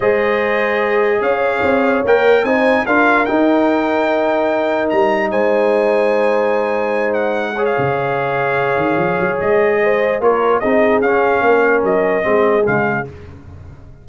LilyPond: <<
  \new Staff \with { instrumentName = "trumpet" } { \time 4/4 \tempo 4 = 147 dis''2. f''4~ | f''4 g''4 gis''4 f''4 | g''1 | ais''4 gis''2.~ |
gis''4. fis''4~ fis''16 f''4~ f''16~ | f''2. dis''4~ | dis''4 cis''4 dis''4 f''4~ | f''4 dis''2 f''4 | }
  \new Staff \with { instrumentName = "horn" } { \time 4/4 c''2. cis''4~ | cis''2 c''4 ais'4~ | ais'1~ | ais'4 c''2.~ |
c''2~ c''8 cis''4.~ | cis''1 | c''4 ais'4 gis'2 | ais'2 gis'2 | }
  \new Staff \with { instrumentName = "trombone" } { \time 4/4 gis'1~ | gis'4 ais'4 dis'4 f'4 | dis'1~ | dis'1~ |
dis'2~ dis'8 gis'4.~ | gis'1~ | gis'4 f'4 dis'4 cis'4~ | cis'2 c'4 gis4 | }
  \new Staff \with { instrumentName = "tuba" } { \time 4/4 gis2. cis'4 | c'4 ais4 c'4 d'4 | dis'1 | g4 gis2.~ |
gis2. cis4~ | cis4. dis8 f8 fis8 gis4~ | gis4 ais4 c'4 cis'4 | ais4 fis4 gis4 cis4 | }
>>